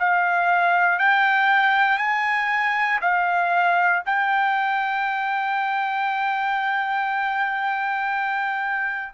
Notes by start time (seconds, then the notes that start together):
0.00 F5
0.99 G5
1.98 G#5
3.02 F5
4.06 G5